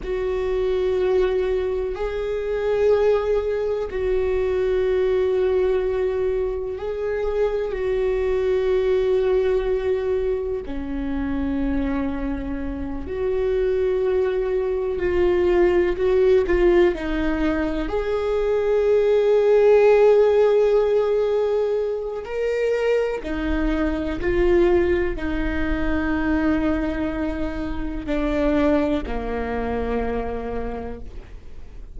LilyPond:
\new Staff \with { instrumentName = "viola" } { \time 4/4 \tempo 4 = 62 fis'2 gis'2 | fis'2. gis'4 | fis'2. cis'4~ | cis'4. fis'2 f'8~ |
f'8 fis'8 f'8 dis'4 gis'4.~ | gis'2. ais'4 | dis'4 f'4 dis'2~ | dis'4 d'4 ais2 | }